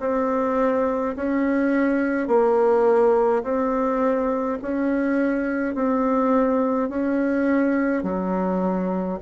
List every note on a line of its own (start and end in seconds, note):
0.00 1.15 C4
1.16 2.28 C#4
2.28 3.43 A#3
3.44 4.59 C4
4.63 5.75 C#4
5.75 6.89 C4
6.89 8.03 C#4
8.03 9.19 F#3